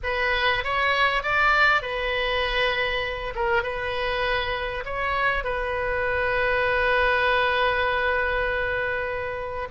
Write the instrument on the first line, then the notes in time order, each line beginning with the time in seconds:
oboe
0.03 B4
0.64 C#5
1.22 D5
1.82 B4
3.35 A#4
3.62 B4
4.85 C#5
5.44 B4